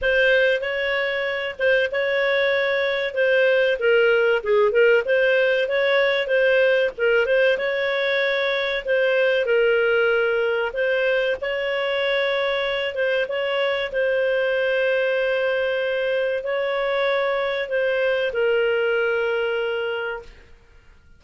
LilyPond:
\new Staff \with { instrumentName = "clarinet" } { \time 4/4 \tempo 4 = 95 c''4 cis''4. c''8 cis''4~ | cis''4 c''4 ais'4 gis'8 ais'8 | c''4 cis''4 c''4 ais'8 c''8 | cis''2 c''4 ais'4~ |
ais'4 c''4 cis''2~ | cis''8 c''8 cis''4 c''2~ | c''2 cis''2 | c''4 ais'2. | }